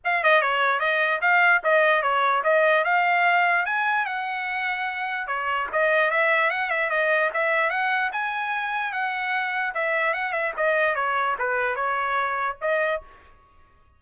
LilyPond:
\new Staff \with { instrumentName = "trumpet" } { \time 4/4 \tempo 4 = 148 f''8 dis''8 cis''4 dis''4 f''4 | dis''4 cis''4 dis''4 f''4~ | f''4 gis''4 fis''2~ | fis''4 cis''4 dis''4 e''4 |
fis''8 e''8 dis''4 e''4 fis''4 | gis''2 fis''2 | e''4 fis''8 e''8 dis''4 cis''4 | b'4 cis''2 dis''4 | }